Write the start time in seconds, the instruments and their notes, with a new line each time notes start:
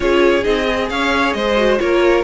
0.00 cello C#4, viola F4, violin G#4 C#5
0.43 cello C4, viola D#4, violin D#5
0.66 viola G#4
0.89 cello C#4, violin C#5 F5
1.33 cello G#3, violin C5 D#5
1.56 viola F#4
1.78 cello A#3, viola F4, violin A#4 C#5